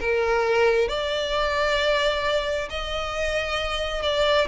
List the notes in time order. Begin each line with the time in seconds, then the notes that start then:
0.00 A#4
0.88 D5
2.70 D#5
4.03 D5